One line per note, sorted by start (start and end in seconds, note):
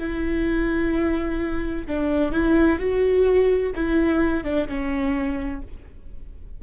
0.00 1.87 E4
1.88 2.33 D4
2.33 2.80 E4
2.80 3.73 F#4
3.76 4.44 E4
4.44 4.68 D4
4.69 5.62 C#4